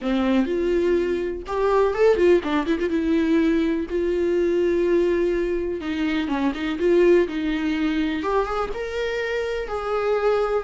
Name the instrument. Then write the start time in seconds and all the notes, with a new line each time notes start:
viola
0.01 C4
0.46 F4
1.46 G4
1.94 A4
2.16 F4
2.43 D4
2.66 E4
2.79 F4
2.89 E4
3.89 F4
5.80 D#4
6.28 C#4
6.54 D#4
6.79 F4
7.28 D#4
8.23 G4
8.45 G#4
8.73 A#4
9.68 G#4